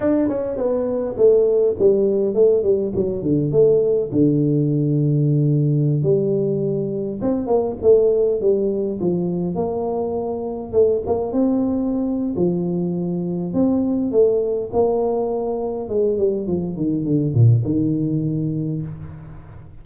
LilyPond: \new Staff \with { instrumentName = "tuba" } { \time 4/4 \tempo 4 = 102 d'8 cis'8 b4 a4 g4 | a8 g8 fis8 d8 a4 d4~ | d2~ d16 g4.~ g16~ | g16 c'8 ais8 a4 g4 f8.~ |
f16 ais2 a8 ais8 c'8.~ | c'4 f2 c'4 | a4 ais2 gis8 g8 | f8 dis8 d8 ais,8 dis2 | }